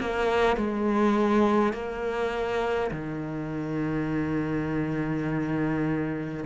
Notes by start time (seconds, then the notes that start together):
0.00 A#3
0.56 G#3
1.73 A#3
2.91 D#3